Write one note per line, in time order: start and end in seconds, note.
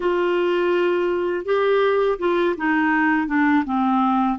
0.00 1.45 F4
1.45 2.18 G4
2.19 2.55 F4
2.57 3.27 D#4
3.27 3.64 D4
3.65 4.38 C4